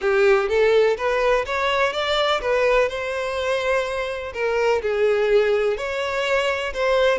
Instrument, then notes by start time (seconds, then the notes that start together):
violin
0.01 G4
0.48 A4
0.97 B4
1.45 C#5
1.92 D5
2.41 B4
2.88 C5
4.33 A#4
4.81 G#4
5.77 C#5
6.73 C5